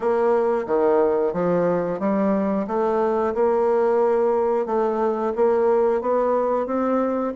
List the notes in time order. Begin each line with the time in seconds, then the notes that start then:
0.00 A#3
0.66 D#3
1.33 F3
1.99 G3
2.67 A3
3.34 A#3
4.66 A3
5.35 A#3
6.01 B3
6.66 C4